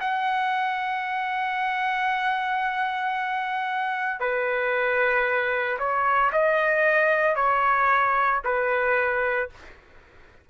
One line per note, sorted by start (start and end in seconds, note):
0.00 4.20 F#5
4.20 5.78 B4
5.78 6.31 C#5
6.32 7.35 D#5
7.35 8.41 C#5
8.44 9.49 B4